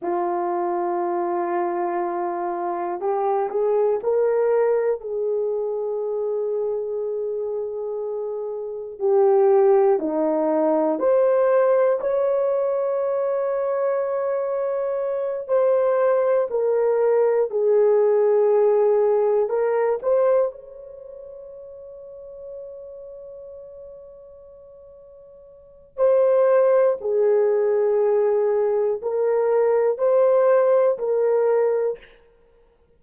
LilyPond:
\new Staff \with { instrumentName = "horn" } { \time 4/4 \tempo 4 = 60 f'2. g'8 gis'8 | ais'4 gis'2.~ | gis'4 g'4 dis'4 c''4 | cis''2.~ cis''8 c''8~ |
c''8 ais'4 gis'2 ais'8 | c''8 cis''2.~ cis''8~ | cis''2 c''4 gis'4~ | gis'4 ais'4 c''4 ais'4 | }